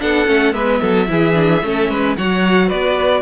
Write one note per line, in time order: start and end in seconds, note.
0.00 0.28 B3
0.00 0.26 D4
0.00 0.55 A4
0.00 0.53 F#5
0.26 0.54 A3
0.26 0.52 C#4
0.52 0.81 G#3
0.52 1.06 B3
0.52 0.81 B4
0.52 2.15 E5
0.81 1.09 F#3
0.81 1.08 A4
1.07 1.63 E3
1.07 1.34 E4
1.07 1.65 G#4
1.34 1.61 D4
1.63 1.89 A3
1.63 2.18 C#4
1.63 1.90 A4
1.89 2.16 G#3
1.89 2.17 B4
2.17 2.72 F#3
2.17 3.22 F#4
2.17 2.67 C#5
2.17 2.70 F#5
2.67 3.22 B3
2.67 3.21 B4
2.67 3.22 D5